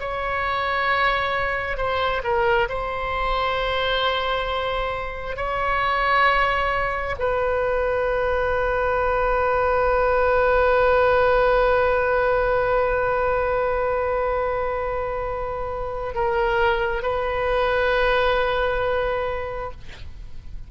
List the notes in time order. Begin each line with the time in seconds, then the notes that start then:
0.00 C#5
1.77 C5
2.23 A#4
2.69 C5
5.36 C#5
7.19 B4
16.14 A#4
17.02 B4